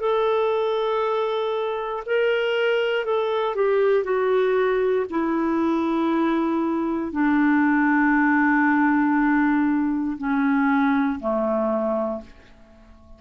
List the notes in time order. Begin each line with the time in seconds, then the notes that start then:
0.00 A4
2.06 A#4
3.05 A4
3.55 G4
4.04 F#4
5.10 E4
7.12 D4
10.17 C#4
11.20 A3